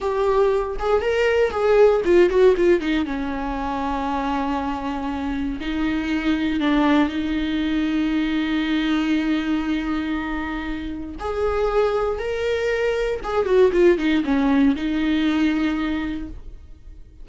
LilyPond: \new Staff \with { instrumentName = "viola" } { \time 4/4 \tempo 4 = 118 g'4. gis'8 ais'4 gis'4 | f'8 fis'8 f'8 dis'8 cis'2~ | cis'2. dis'4~ | dis'4 d'4 dis'2~ |
dis'1~ | dis'2 gis'2 | ais'2 gis'8 fis'8 f'8 dis'8 | cis'4 dis'2. | }